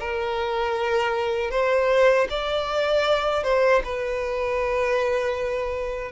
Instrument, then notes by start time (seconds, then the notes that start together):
violin
0.00 A#4
1.51 C5
2.30 D5
3.44 C5
3.84 B4